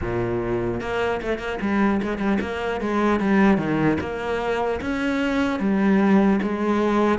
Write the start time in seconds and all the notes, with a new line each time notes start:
0.01 A#2
0.80 A#3
1.22 A3
1.38 A#3
1.61 G3
2.02 G#3
2.18 G3
2.40 A#3
2.80 G#3
3.20 G3
3.57 D#3
4.00 A#3
4.80 C#4
5.59 G3
6.42 G#3